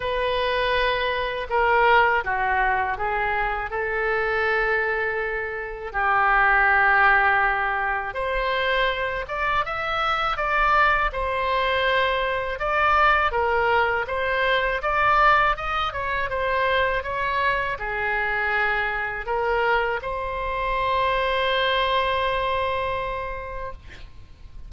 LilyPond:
\new Staff \with { instrumentName = "oboe" } { \time 4/4 \tempo 4 = 81 b'2 ais'4 fis'4 | gis'4 a'2. | g'2. c''4~ | c''8 d''8 e''4 d''4 c''4~ |
c''4 d''4 ais'4 c''4 | d''4 dis''8 cis''8 c''4 cis''4 | gis'2 ais'4 c''4~ | c''1 | }